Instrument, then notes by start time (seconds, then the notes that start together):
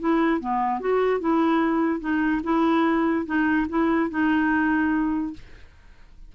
clarinet
0.00 E4
0.41 B3
0.81 F#4
1.20 E4
2.01 D#4
2.44 E4
3.26 D#4
3.69 E4
4.10 D#4